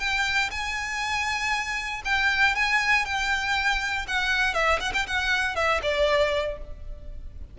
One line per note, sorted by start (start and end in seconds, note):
0.00 0.50 G5
0.51 2.03 G#5
2.05 2.56 G5
2.56 3.05 G#5
3.05 4.06 G5
4.08 4.54 F#5
4.54 4.79 E5
4.80 4.93 F#5
4.94 5.07 G5
5.07 5.56 F#5
5.56 5.81 E5
5.83 6.58 D5